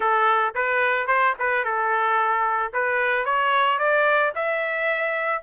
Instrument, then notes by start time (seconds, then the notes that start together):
trumpet
0.00 A4
0.54 B4
1.07 C5
1.39 B4
1.64 A4
2.73 B4
3.25 C#5
3.78 D5
4.35 E5